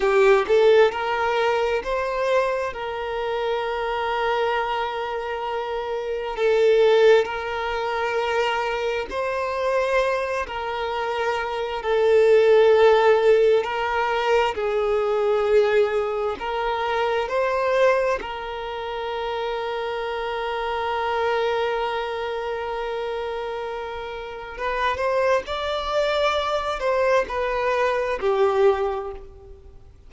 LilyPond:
\new Staff \with { instrumentName = "violin" } { \time 4/4 \tempo 4 = 66 g'8 a'8 ais'4 c''4 ais'4~ | ais'2. a'4 | ais'2 c''4. ais'8~ | ais'4 a'2 ais'4 |
gis'2 ais'4 c''4 | ais'1~ | ais'2. b'8 c''8 | d''4. c''8 b'4 g'4 | }